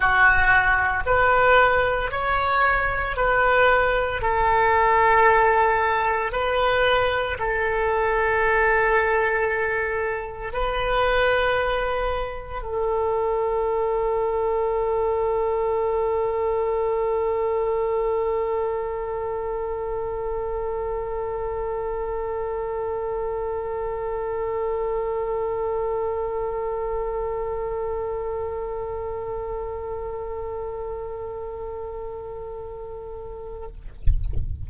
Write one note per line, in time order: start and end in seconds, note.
0.00 1.03 F#4
1.06 2.11 B4
2.11 3.16 C#5
3.16 4.21 B4
4.21 6.32 A4
6.32 7.37 B4
7.39 10.53 A4
10.53 12.62 B4
12.62 33.67 A4